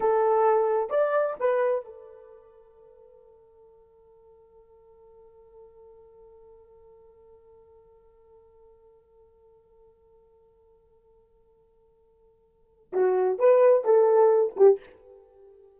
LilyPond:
\new Staff \with { instrumentName = "horn" } { \time 4/4 \tempo 4 = 130 a'2 d''4 b'4 | a'1~ | a'1~ | a'1~ |
a'1~ | a'1~ | a'1 | fis'4 b'4 a'4. g'8 | }